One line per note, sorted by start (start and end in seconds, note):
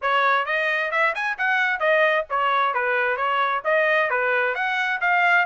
0.01 0.45 C#5
0.45 0.91 D#5
0.91 1.14 E5
1.14 1.37 G#5
1.38 1.79 F#5
1.79 2.25 D#5
2.29 2.74 C#5
2.74 3.16 B4
3.16 3.62 C#5
3.64 4.10 D#5
4.10 4.54 B4
4.54 5.00 F#5
5.00 5.45 F5